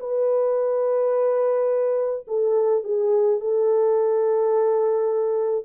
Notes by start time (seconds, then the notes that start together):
0.00 B4
2.28 A4
2.85 G#4
3.41 A4